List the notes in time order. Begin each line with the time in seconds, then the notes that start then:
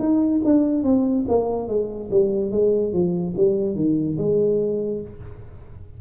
0.00 D#4
0.45 D4
0.84 C4
1.28 A#3
1.68 G#3
2.11 G3
2.52 G#3
2.93 F3
3.37 G3
3.75 D#3
4.18 G#3